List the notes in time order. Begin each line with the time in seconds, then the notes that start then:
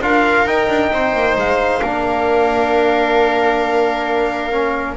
0.00 D4 F4 A#4 F5
0.45 D#4 G5
0.68 D4
0.92 C4 C5
1.13 A#3
1.35 G#3 F5
1.81 A#3 D4 A#4
4.51 C#4